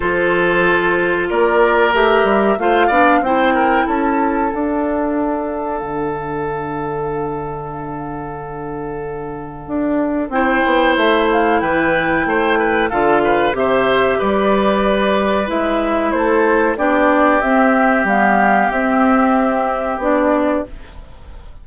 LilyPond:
<<
  \new Staff \with { instrumentName = "flute" } { \time 4/4 \tempo 4 = 93 c''2 d''4 e''4 | f''4 g''4 a''4 f''4~ | f''1~ | f''1 |
g''4 e''8 f''8 g''2 | f''4 e''4 d''2 | e''4 c''4 d''4 e''4 | f''4 e''2 d''4 | }
  \new Staff \with { instrumentName = "oboe" } { \time 4/4 a'2 ais'2 | c''8 d''8 c''8 ais'8 a'2~ | a'1~ | a'1 |
c''2 b'4 c''8 b'8 | a'8 b'8 c''4 b'2~ | b'4 a'4 g'2~ | g'1 | }
  \new Staff \with { instrumentName = "clarinet" } { \time 4/4 f'2. g'4 | f'8 d'8 e'2 d'4~ | d'1~ | d'1 |
e'1 | f'4 g'2. | e'2 d'4 c'4 | b4 c'2 d'4 | }
  \new Staff \with { instrumentName = "bassoon" } { \time 4/4 f2 ais4 a8 g8 | a8 b8 c'4 cis'4 d'4~ | d'4 d2.~ | d2. d'4 |
c'8 b8 a4 e4 a4 | d4 c4 g2 | gis4 a4 b4 c'4 | g4 c'2 b4 | }
>>